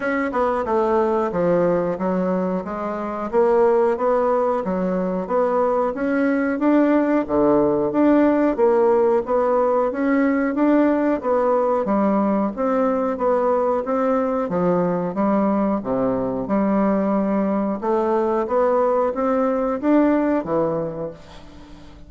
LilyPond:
\new Staff \with { instrumentName = "bassoon" } { \time 4/4 \tempo 4 = 91 cis'8 b8 a4 f4 fis4 | gis4 ais4 b4 fis4 | b4 cis'4 d'4 d4 | d'4 ais4 b4 cis'4 |
d'4 b4 g4 c'4 | b4 c'4 f4 g4 | c4 g2 a4 | b4 c'4 d'4 e4 | }